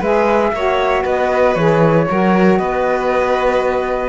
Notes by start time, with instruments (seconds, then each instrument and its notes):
0.00 cello G#3, saxophone G#4, violin B4, flute E5
0.53 cello A#3, saxophone F#4, violin C#5
1.04 cello B3, violin B4, flute D#5
1.55 cello E3, saxophone G#4, flute C#5
2.09 cello F#3, saxophone F#4, violin A#4
2.58 cello B3, violin B4, flute D#5